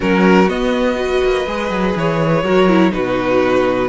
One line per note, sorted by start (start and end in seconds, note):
0.00 0.48 F#3
0.00 0.46 C#4
0.00 0.97 F#4
0.00 0.49 A#4
0.48 1.21 B3
0.48 0.95 B3
0.48 1.95 D#5
0.95 1.44 F#4
0.95 2.43 B4
1.24 1.47 A#3
1.47 1.69 G#3
1.47 2.44 G#4
1.69 1.94 F#3
1.95 2.43 E3
1.95 2.93 C#5
2.43 2.92 F#3
2.43 2.68 F#4
2.43 2.91 A#4
2.68 2.90 E4
2.90 3.88 B2
2.90 3.88 D#4
2.90 3.88 F#4
2.90 3.88 B4